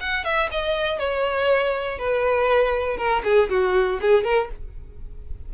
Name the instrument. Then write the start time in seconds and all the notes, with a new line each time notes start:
violin
0.00 F#5
0.24 E5
0.51 D#5
0.98 C#5
1.98 B4
2.97 A#4
3.24 G#4
3.49 F#4
4.01 G#4
4.24 A#4